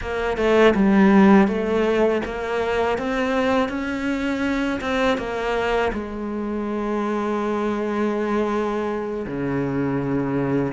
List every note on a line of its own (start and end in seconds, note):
0.01 0.37 A#3
0.37 0.74 A3
0.74 1.47 G3
1.47 2.21 A3
2.25 2.98 A#3
2.98 3.68 C4
3.68 4.79 C#4
4.80 5.17 C4
5.17 5.91 A#3
5.93 9.26 G#3
9.26 10.72 C#3